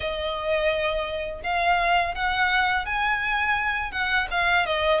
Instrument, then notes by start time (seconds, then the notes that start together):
violin
0.00 D#5
1.43 F5
2.15 F#5
2.85 G#5
3.91 F#5
4.31 F5
4.66 D#5